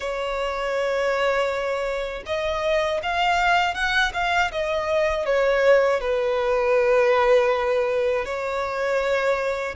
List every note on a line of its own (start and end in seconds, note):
0.00 2.23 C#5
2.25 3.00 D#5
3.02 3.74 F5
3.74 4.11 F#5
4.13 4.51 F5
4.51 5.25 D#5
5.25 6.00 C#5
6.00 8.25 B4
8.25 9.75 C#5